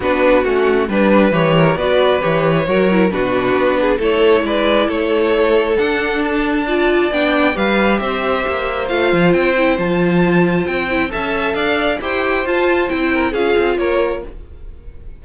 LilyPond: <<
  \new Staff \with { instrumentName = "violin" } { \time 4/4 \tempo 4 = 135 b'4 fis'4 b'4 cis''4 | d''4 cis''2 b'4~ | b'4 cis''4 d''4 cis''4~ | cis''4 fis''4 a''2 |
g''4 f''4 e''2 | f''4 g''4 a''2 | g''4 a''4 f''4 g''4 | a''4 g''4 f''4 cis''4 | }
  \new Staff \with { instrumentName = "violin" } { \time 4/4 fis'2 b'4. ais'8 | b'2 ais'4 fis'4~ | fis'8 gis'8 a'4 b'4 a'4~ | a'2. d''4~ |
d''4 b'4 c''2~ | c''1~ | c''4 e''4 d''4 c''4~ | c''4. ais'8 gis'4 ais'4 | }
  \new Staff \with { instrumentName = "viola" } { \time 4/4 d'4 cis'4 d'4 g'4 | fis'4 g'4 fis'8 e'8 d'4~ | d'4 e'2.~ | e'4 d'2 f'4 |
d'4 g'2. | f'4. e'8 f'2~ | f'8 e'8 a'2 g'4 | f'4 e'4 f'2 | }
  \new Staff \with { instrumentName = "cello" } { \time 4/4 b4 a4 g4 e4 | b4 e4 fis4 b,4 | b4 a4 gis4 a4~ | a4 d'2. |
b4 g4 c'4 ais4 | a8 f8 c'4 f2 | c'4 cis'4 d'4 e'4 | f'4 c'4 cis'8 c'8 ais4 | }
>>